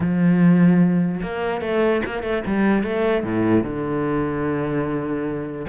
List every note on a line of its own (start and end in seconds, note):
0.00 1.21 F3
1.22 1.61 A#3
1.61 2.01 A3
2.05 2.22 A#3
2.22 2.43 A3
2.46 2.83 G3
2.83 3.23 A3
3.23 3.63 A2
3.63 5.66 D3